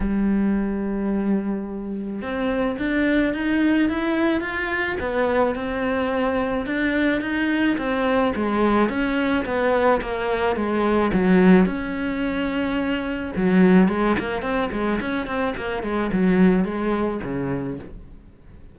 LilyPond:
\new Staff \with { instrumentName = "cello" } { \time 4/4 \tempo 4 = 108 g1 | c'4 d'4 dis'4 e'4 | f'4 b4 c'2 | d'4 dis'4 c'4 gis4 |
cis'4 b4 ais4 gis4 | fis4 cis'2. | fis4 gis8 ais8 c'8 gis8 cis'8 c'8 | ais8 gis8 fis4 gis4 cis4 | }